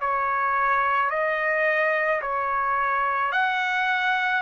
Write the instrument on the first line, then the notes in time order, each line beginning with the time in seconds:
trumpet
0.00 C#5
1.10 D#5
2.22 C#5
3.32 F#5